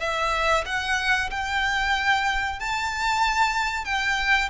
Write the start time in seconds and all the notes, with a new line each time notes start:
0.00 E5
0.66 F#5
1.31 G5
2.60 A5
3.85 G5